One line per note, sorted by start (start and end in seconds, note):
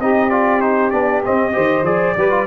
0.00 0.93 C4
0.00 0.31 D#4
0.00 1.54 G4
0.00 0.30 D#5
0.30 0.61 F4
0.30 0.61 D5
0.61 0.92 D#4
0.61 0.91 C5
0.91 1.24 B3
0.91 1.23 D4
0.91 1.22 D5
1.25 1.53 C4
1.25 1.57 C4
1.25 1.85 D#5
1.53 1.83 D#3
1.53 1.84 G4
1.53 2.16 C5
1.83 2.14 F3
1.83 2.16 G#4
1.83 2.47 D5
2.17 2.47 G3
2.17 2.30 G4
2.17 2.47 B4
2.30 2.46 F4